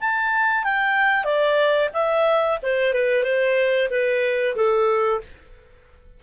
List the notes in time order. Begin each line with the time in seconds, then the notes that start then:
0.00 A5
0.63 G5
1.24 D5
1.93 E5
2.62 C5
2.93 B4
3.23 C5
3.90 B4
4.56 A4